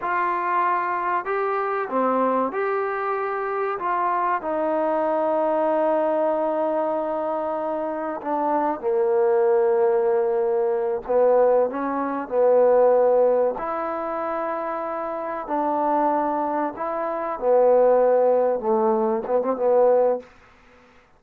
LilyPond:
\new Staff \with { instrumentName = "trombone" } { \time 4/4 \tempo 4 = 95 f'2 g'4 c'4 | g'2 f'4 dis'4~ | dis'1~ | dis'4 d'4 ais2~ |
ais4. b4 cis'4 b8~ | b4. e'2~ e'8~ | e'8 d'2 e'4 b8~ | b4. a4 b16 c'16 b4 | }